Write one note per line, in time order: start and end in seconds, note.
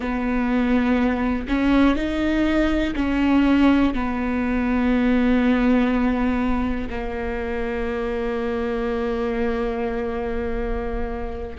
0.00 1.47 B3
1.48 1.95 C#4
1.95 2.93 D#4
2.95 3.93 C#4
3.93 6.89 B3
6.89 11.56 A#3